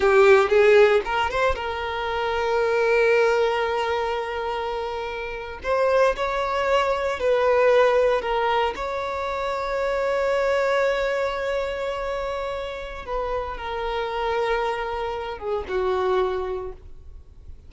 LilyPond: \new Staff \with { instrumentName = "violin" } { \time 4/4 \tempo 4 = 115 g'4 gis'4 ais'8 c''8 ais'4~ | ais'1~ | ais'2~ ais'8. c''4 cis''16~ | cis''4.~ cis''16 b'2 ais'16~ |
ais'8. cis''2.~ cis''16~ | cis''1~ | cis''4 b'4 ais'2~ | ais'4. gis'8 fis'2 | }